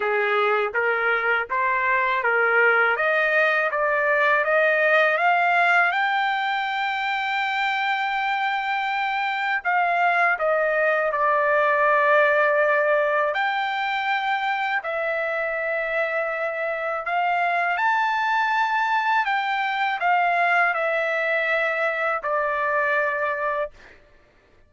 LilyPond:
\new Staff \with { instrumentName = "trumpet" } { \time 4/4 \tempo 4 = 81 gis'4 ais'4 c''4 ais'4 | dis''4 d''4 dis''4 f''4 | g''1~ | g''4 f''4 dis''4 d''4~ |
d''2 g''2 | e''2. f''4 | a''2 g''4 f''4 | e''2 d''2 | }